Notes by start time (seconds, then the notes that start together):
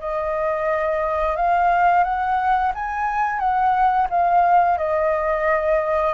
0.00 D#5
1.36 F5
2.04 F#5
2.74 G#5
3.39 F#5
4.10 F5
4.78 D#5